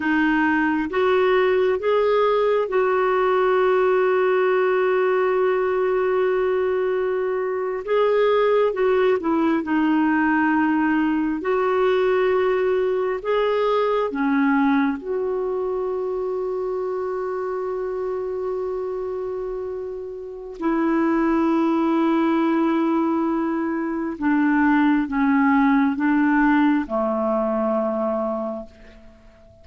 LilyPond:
\new Staff \with { instrumentName = "clarinet" } { \time 4/4 \tempo 4 = 67 dis'4 fis'4 gis'4 fis'4~ | fis'1~ | fis'8. gis'4 fis'8 e'8 dis'4~ dis'16~ | dis'8. fis'2 gis'4 cis'16~ |
cis'8. fis'2.~ fis'16~ | fis'2. e'4~ | e'2. d'4 | cis'4 d'4 a2 | }